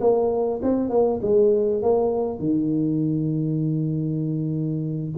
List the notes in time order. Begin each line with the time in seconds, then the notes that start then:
0.00 A#3
0.62 C4
0.89 A#3
1.22 G#3
1.82 A#3
2.39 D#3